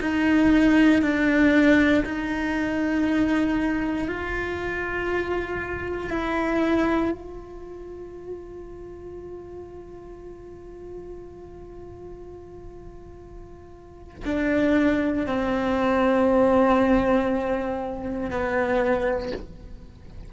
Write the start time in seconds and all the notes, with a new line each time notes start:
0.00 D#4
1.02 D4
2.04 D#4
4.07 F4
6.10 E4
7.11 F4
14.24 D4
15.26 C4
18.30 B3